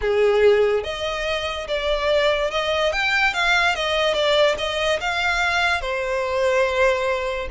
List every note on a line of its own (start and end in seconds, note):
0.01 0.83 G#4
0.83 1.67 D#5
1.67 2.50 D5
2.50 2.92 D#5
2.92 3.33 G5
3.33 3.75 F5
3.75 4.14 D#5
4.14 4.55 D5
4.58 4.99 D#5
5.00 5.81 F5
5.81 7.48 C5